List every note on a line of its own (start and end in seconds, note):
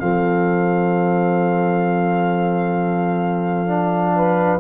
0.00 4.60 F3
0.00 3.67 C4
0.00 4.16 A4
0.00 4.60 F5
3.67 4.60 D4
4.16 4.60 B4